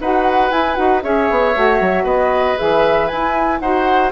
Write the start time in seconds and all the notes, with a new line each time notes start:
0.00 D#4 F#4 B4 F#5
0.50 E4 G#5
0.75 D#4 F#4 F#5
1.02 C#4 G#4 C#5 E5
1.29 B3
1.53 A3 F#4
1.80 F#3
2.03 B3 B4 D#5
2.57 E3 G#4 E5
3.07 E4 G#5
3.59 D#4 F#4 C5 F#5